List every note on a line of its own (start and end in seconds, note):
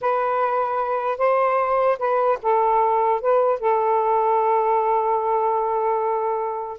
0.01 1.18 B4
1.18 1.98 C5
1.99 2.39 B4
2.42 3.21 A4
3.21 3.60 B4
3.60 6.78 A4